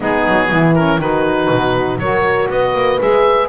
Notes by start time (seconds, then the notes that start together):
0.00 G#3 B3 D#4 G#4
0.27 F#3
0.50 E3 E4
0.75 C#4 A#4
0.98 D#3 D#4 F#4 B4
1.50 B2
1.98 F#3 F#4 A#4 C#5
2.49 B3 B4 D#5
2.74 A#3
2.99 G#3 G#4 E5